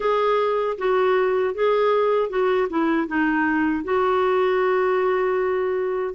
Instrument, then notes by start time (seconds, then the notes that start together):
clarinet
0.00 G#4
0.78 F#4
1.54 G#4
2.29 F#4
2.69 E4
3.07 D#4
3.84 F#4